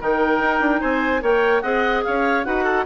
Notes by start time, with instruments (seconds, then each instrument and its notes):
0.00 bassoon D#3, clarinet D#4 G5, oboe A#4
0.39 bassoon D#4
0.60 bassoon D4
0.80 bassoon C4, oboe C5, clarinet G#5
1.21 bassoon A#3, clarinet A#4 G5, oboe C#5
1.61 bassoon C4, clarinet G#4 F#5, oboe D#5
2.03 bassoon C#4, oboe C#5, clarinet F5
2.44 bassoon D#4, clarinet F#4 F#5, oboe B4
2.63 oboe A4